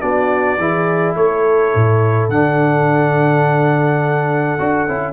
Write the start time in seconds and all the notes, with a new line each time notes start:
0.00 B3 D4 F#4 D5
0.58 E3 E4 G#4
1.15 A3 A4 C#5
1.74 A2
2.28 D3 D4 F#5
4.58 D4 F#4
4.88 C#4 E4